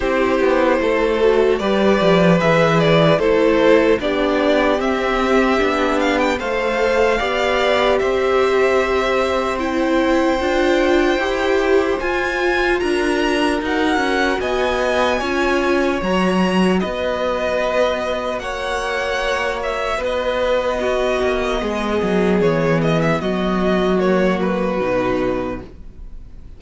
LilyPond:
<<
  \new Staff \with { instrumentName = "violin" } { \time 4/4 \tempo 4 = 75 c''2 d''4 e''8 d''8 | c''4 d''4 e''4. f''16 g''16 | f''2 e''2 | g''2. gis''4 |
ais''4 fis''4 gis''2 | ais''4 dis''2 fis''4~ | fis''8 e''8 dis''2. | cis''8 dis''16 e''16 dis''4 cis''8 b'4. | }
  \new Staff \with { instrumentName = "violin" } { \time 4/4 g'4 a'4 b'2 | a'4 g'2. | c''4 d''4 c''2~ | c''1 |
ais'2 dis''4 cis''4~ | cis''4 b'2 cis''4~ | cis''4 b'4 fis'4 gis'4~ | gis'4 fis'2. | }
  \new Staff \with { instrumentName = "viola" } { \time 4/4 e'4. fis'8 g'4 gis'4 | e'4 d'4 c'4 d'4 | a'4 g'2. | e'4 f'4 g'4 f'4~ |
f'4 fis'2 f'4 | fis'1~ | fis'2 b2~ | b2 ais4 dis'4 | }
  \new Staff \with { instrumentName = "cello" } { \time 4/4 c'8 b8 a4 g8 f8 e4 | a4 b4 c'4 b4 | a4 b4 c'2~ | c'4 d'4 e'4 f'4 |
d'4 dis'8 cis'8 b4 cis'4 | fis4 b2 ais4~ | ais4 b4. ais8 gis8 fis8 | e4 fis2 b,4 | }
>>